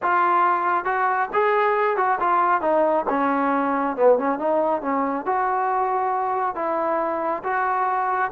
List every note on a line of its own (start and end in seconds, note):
0.02 0.85 F4
0.85 1.28 F#4
1.33 1.96 G#4
1.96 2.18 F#4
2.20 2.61 F4
2.61 3.05 D#4
3.09 3.96 C#4
3.96 4.18 B3
4.18 4.38 C#4
4.38 4.81 D#4
4.81 5.25 C#4
5.25 6.55 F#4
6.55 7.42 E4
7.43 8.31 F#4